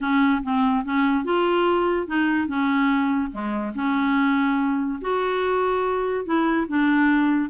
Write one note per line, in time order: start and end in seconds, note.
0.01 0.42 C#4
0.43 0.84 C4
0.84 1.24 C#4
1.24 2.07 F4
2.07 2.47 D#4
2.47 3.31 C#4
3.31 3.73 G#3
3.74 4.99 C#4
5.01 6.25 F#4
6.25 6.66 E4
6.67 7.49 D4